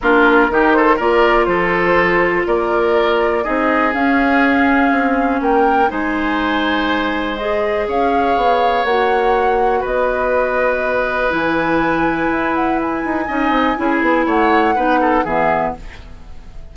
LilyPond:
<<
  \new Staff \with { instrumentName = "flute" } { \time 4/4 \tempo 4 = 122 ais'4. c''8 d''4 c''4~ | c''4 d''2 dis''4 | f''2. g''4 | gis''2. dis''4 |
f''2 fis''2 | dis''2. gis''4~ | gis''4. fis''8 gis''2~ | gis''4 fis''2 e''4 | }
  \new Staff \with { instrumentName = "oboe" } { \time 4/4 f'4 g'8 a'8 ais'4 a'4~ | a'4 ais'2 gis'4~ | gis'2. ais'4 | c''1 |
cis''1 | b'1~ | b'2. dis''4 | gis'4 cis''4 b'8 a'8 gis'4 | }
  \new Staff \with { instrumentName = "clarinet" } { \time 4/4 d'4 dis'4 f'2~ | f'2. dis'4 | cis'1 | dis'2. gis'4~ |
gis'2 fis'2~ | fis'2. e'4~ | e'2. dis'4 | e'2 dis'4 b4 | }
  \new Staff \with { instrumentName = "bassoon" } { \time 4/4 ais4 dis4 ais4 f4~ | f4 ais2 c'4 | cis'2 c'4 ais4 | gis1 |
cis'4 b4 ais2 | b2. e4~ | e4 e'4. dis'8 cis'8 c'8 | cis'8 b8 a4 b4 e4 | }
>>